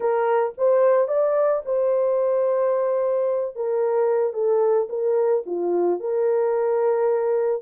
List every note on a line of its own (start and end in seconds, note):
0.00 0.53 A#4
0.57 1.08 C5
1.08 1.62 D5
1.65 3.55 C5
3.55 4.33 A#4
4.33 4.87 A4
4.89 5.43 A#4
5.46 6.00 F4
6.00 7.62 A#4